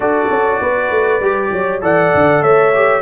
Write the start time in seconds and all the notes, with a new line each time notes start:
0.00 D4 F#4 A4 D5
0.30 C#4
0.60 B3 B4
0.90 A3
1.19 G3 G4
1.51 F#3 C#5
1.81 E3 A4 D5 F#5
2.14 D3
2.42 A3 C#5 E5
2.74 G4